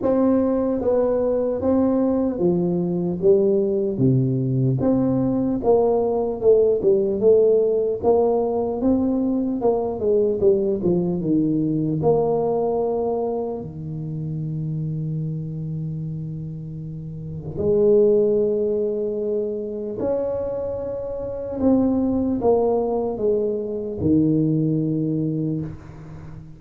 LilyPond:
\new Staff \with { instrumentName = "tuba" } { \time 4/4 \tempo 4 = 75 c'4 b4 c'4 f4 | g4 c4 c'4 ais4 | a8 g8 a4 ais4 c'4 | ais8 gis8 g8 f8 dis4 ais4~ |
ais4 dis2.~ | dis2 gis2~ | gis4 cis'2 c'4 | ais4 gis4 dis2 | }